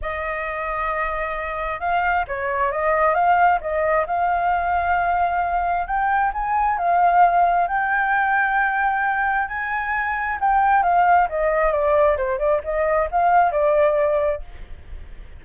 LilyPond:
\new Staff \with { instrumentName = "flute" } { \time 4/4 \tempo 4 = 133 dis''1 | f''4 cis''4 dis''4 f''4 | dis''4 f''2.~ | f''4 g''4 gis''4 f''4~ |
f''4 g''2.~ | g''4 gis''2 g''4 | f''4 dis''4 d''4 c''8 d''8 | dis''4 f''4 d''2 | }